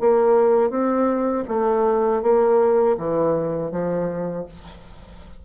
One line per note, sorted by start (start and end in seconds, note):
0.00 0.70 A#3
0.70 1.44 C4
1.48 2.22 A3
2.22 2.96 A#3
2.97 3.71 E3
3.71 4.45 F3